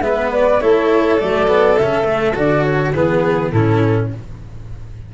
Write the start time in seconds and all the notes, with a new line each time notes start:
0.00 G#3 B3 B4 E5
0.32 D5
0.61 A3 E4 A4 C#5
1.19 F#3 A3 D5
1.48 B3
1.77 C#3 C#4 E5
2.04 A3
2.36 D3 F#4 D5
2.64 C#5
2.93 E3 B3 G#4 B4
3.51 A2 C#4 E4 A4